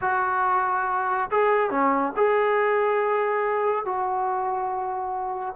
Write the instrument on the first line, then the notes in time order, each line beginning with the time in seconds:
trombone
0.01 F#4
1.31 G#4
1.70 C#4
2.16 G#4
3.85 F#4